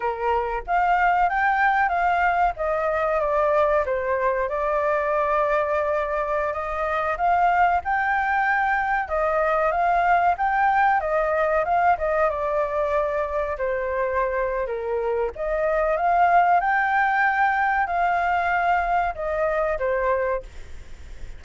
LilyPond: \new Staff \with { instrumentName = "flute" } { \time 4/4 \tempo 4 = 94 ais'4 f''4 g''4 f''4 | dis''4 d''4 c''4 d''4~ | d''2~ d''16 dis''4 f''8.~ | f''16 g''2 dis''4 f''8.~ |
f''16 g''4 dis''4 f''8 dis''8 d''8.~ | d''4~ d''16 c''4.~ c''16 ais'4 | dis''4 f''4 g''2 | f''2 dis''4 c''4 | }